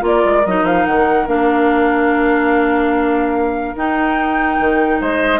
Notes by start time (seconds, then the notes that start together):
0.00 A#3 F4 A#4
0.07 D5
0.25 G#3
0.46 F#3 D#4 D#5
0.63 F3 F5
0.86 D#3 F#5
1.27 A#3 D4 F5
3.76 D#4 G5
4.59 D#3
5.01 G#3 C5 D#5